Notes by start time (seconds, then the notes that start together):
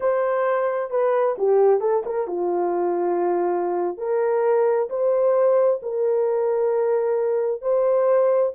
0.00 C5
0.90 B4
1.37 G4
1.80 A4
2.05 A#4
2.27 F4
3.97 A#4
4.89 C5
5.82 A#4
7.61 C5